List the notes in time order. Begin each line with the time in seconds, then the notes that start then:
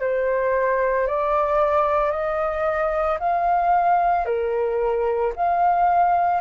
0.00 C5
1.07 D5
2.11 D#5
3.19 F5
4.25 A#4
5.36 F5